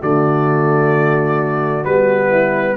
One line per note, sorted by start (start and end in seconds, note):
0.00 1.85 D3
0.00 1.85 A3
0.00 2.29 F#4
0.00 1.84 D5
1.84 2.77 G3
1.84 2.77 B3
1.84 2.77 B4
2.29 2.75 E4